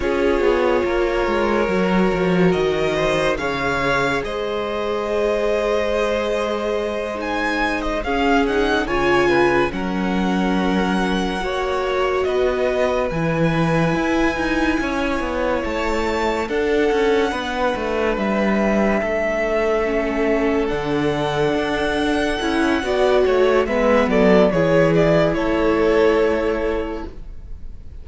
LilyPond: <<
  \new Staff \with { instrumentName = "violin" } { \time 4/4 \tempo 4 = 71 cis''2. dis''4 | f''4 dis''2.~ | dis''8 gis''8. dis''16 f''8 fis''8 gis''4 fis''8~ | fis''2~ fis''8 dis''4 gis''8~ |
gis''2~ gis''8 a''4 fis''8~ | fis''4. e''2~ e''8~ | e''8 fis''2.~ fis''8 | e''8 d''8 cis''8 d''8 cis''2 | }
  \new Staff \with { instrumentName = "violin" } { \time 4/4 gis'4 ais'2~ ais'8 c''8 | cis''4 c''2.~ | c''4. gis'4 cis''8 b'8 ais'8~ | ais'4. cis''4 b'4.~ |
b'4. cis''2 a'8~ | a'8 b'2 a'4.~ | a'2. d''8 cis''8 | b'8 a'8 gis'4 a'2 | }
  \new Staff \with { instrumentName = "viola" } { \time 4/4 f'2 fis'2 | gis'1~ | gis'8 dis'4 cis'8 dis'8 f'4 cis'8~ | cis'4. fis'2 e'8~ |
e'2.~ e'8 d'8~ | d'2.~ d'8 cis'8~ | cis'8 d'2 e'8 fis'4 | b4 e'2. | }
  \new Staff \with { instrumentName = "cello" } { \time 4/4 cis'8 b8 ais8 gis8 fis8 f8 dis4 | cis4 gis2.~ | gis4. cis'4 cis4 fis8~ | fis4. ais4 b4 e8~ |
e8 e'8 dis'8 cis'8 b8 a4 d'8 | cis'8 b8 a8 g4 a4.~ | a8 d4 d'4 cis'8 b8 a8 | gis8 fis8 e4 a2 | }
>>